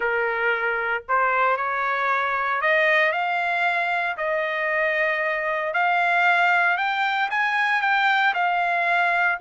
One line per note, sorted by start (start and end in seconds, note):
0.00 1.03 A#4
1.08 1.56 C5
1.56 2.61 C#5
2.61 3.12 D#5
3.12 4.16 F5
4.17 5.73 D#5
5.73 6.77 F5
6.77 7.29 G5
7.30 7.81 G#5
7.81 8.33 G5
8.34 9.38 F5